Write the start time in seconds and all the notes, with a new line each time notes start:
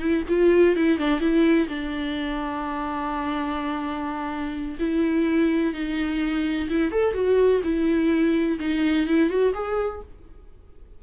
0.00 E4
0.29 F4
0.76 E4
0.99 D4
1.21 E4
1.69 D4
4.80 E4
5.74 D#4
6.70 E4
6.92 A4
7.15 F#4
7.64 E4
8.60 D#4
9.08 E4
9.30 F#4
9.54 G#4